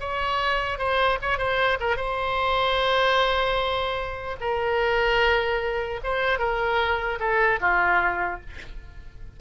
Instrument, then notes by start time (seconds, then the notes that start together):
oboe
0.00 C#5
0.79 C5
1.21 C#5
1.38 C5
1.80 A#4
1.96 C5
4.40 A#4
6.04 C5
6.39 A#4
7.20 A4
7.60 F4